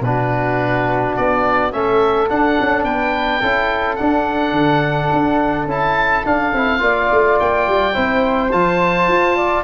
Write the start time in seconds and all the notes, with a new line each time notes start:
0.00 B2 D4 F#4 B4
1.16 B3 D5
1.71 A3 C#4 A4 E5
2.28 D4 F#5
2.60 C#4
2.84 B3 B4 G5
3.40 C#4 E4 A4
3.96 D4 F#5
4.52 D3
5.13 D4
5.66 C#4 E4 A5
6.25 D4 F5
6.53 C4 E4
6.79 A#3 F4 D5
7.11 A3
7.39 A#3 G5
7.67 G3
7.93 C4 E4 C5
8.51 F3 F4 A5
9.07 F4
9.36 D5